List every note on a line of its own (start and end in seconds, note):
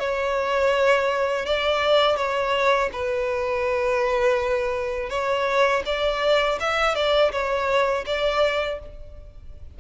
0.00 1.46 C#5
1.46 2.17 D5
2.17 2.90 C#5
2.93 5.10 B4
5.10 5.83 C#5
5.86 6.59 D5
6.61 6.95 E5
6.95 7.32 D5
7.32 8.06 C#5
8.07 8.80 D5